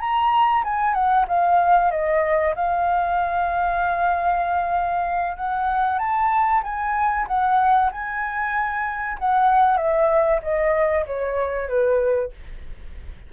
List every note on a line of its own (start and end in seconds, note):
0.00 0.63 A#5
0.63 0.94 G#5
0.94 1.25 F#5
1.27 1.91 F5
1.91 2.54 D#5
2.55 5.37 F5
5.37 5.99 F#5
5.99 6.62 A5
6.63 7.26 G#5
7.27 7.90 F#5
7.91 9.18 G#5
9.18 9.77 F#5
9.77 10.40 E5
10.42 11.05 D#5
11.06 11.68 C#5
11.68 12.31 B4